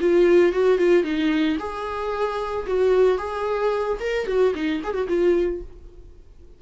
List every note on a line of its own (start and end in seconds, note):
0.00 0.52 F4
0.52 0.78 F#4
0.78 1.03 F4
1.03 1.57 D#4
1.59 2.66 G#4
2.66 3.18 F#4
3.18 3.98 G#4
4.00 4.26 A#4
4.26 4.53 F#4
4.55 4.81 D#4
4.83 4.93 G#4
4.93 5.07 F#4
5.07 5.61 F4